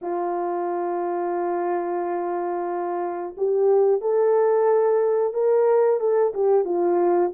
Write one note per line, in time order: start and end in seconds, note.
0.02 3.35 F4
3.37 4.01 G4
4.01 5.33 A4
5.33 6.00 A#4
6.00 6.33 A4
6.34 6.65 G4
6.65 7.31 F4